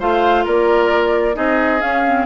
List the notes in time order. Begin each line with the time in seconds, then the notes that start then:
0.00 A3 F4 C5 F5
0.45 A#3 A#4 D5
1.34 C4 D#4 G#4 D#5
1.80 C#4 F5
2.07 C4